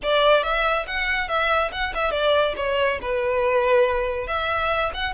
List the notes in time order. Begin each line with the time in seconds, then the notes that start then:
0.02 D5
0.43 E5
0.86 F#5
1.28 E5
1.72 F#5
1.94 E5
2.11 D5
2.56 C#5
3.01 B4
4.27 E5
4.94 F#5